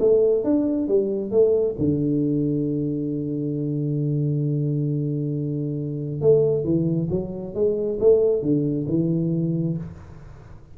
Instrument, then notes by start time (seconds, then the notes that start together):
tuba
0.00 A3
0.44 D4
0.88 G3
1.32 A3
1.79 D3
6.22 A3
6.64 E3
7.10 F#3
7.55 G#3
8.00 A3
8.42 D3
8.89 E3